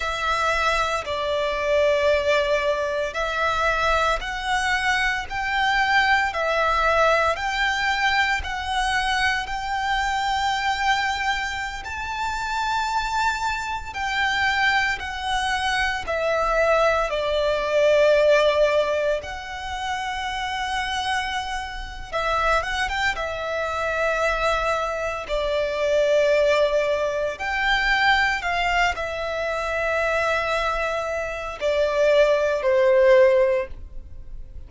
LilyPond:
\new Staff \with { instrumentName = "violin" } { \time 4/4 \tempo 4 = 57 e''4 d''2 e''4 | fis''4 g''4 e''4 g''4 | fis''4 g''2~ g''16 a''8.~ | a''4~ a''16 g''4 fis''4 e''8.~ |
e''16 d''2 fis''4.~ fis''16~ | fis''4 e''8 fis''16 g''16 e''2 | d''2 g''4 f''8 e''8~ | e''2 d''4 c''4 | }